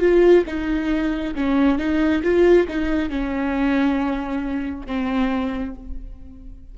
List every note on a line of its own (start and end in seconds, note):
0.00 0.44 F4
0.47 1.35 D#4
1.35 1.78 C#4
1.78 2.23 D#4
2.23 2.67 F4
2.68 3.10 D#4
3.10 4.86 C#4
4.86 5.75 C4